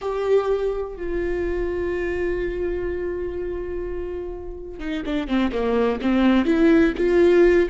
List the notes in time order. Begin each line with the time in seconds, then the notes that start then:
0.01 G4
0.96 F4
4.79 D#4
5.05 D4
5.27 C4
5.52 A#3
6.01 C4
6.45 E4
6.97 F4